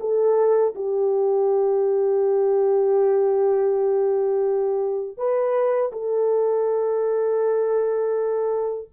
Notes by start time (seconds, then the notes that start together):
0.00 A4
0.75 G4
5.17 B4
5.92 A4